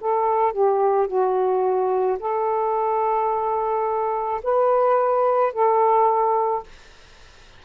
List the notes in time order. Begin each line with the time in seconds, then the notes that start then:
0.00 A4
0.52 G4
1.07 F#4
2.19 A4
4.43 B4
5.53 A4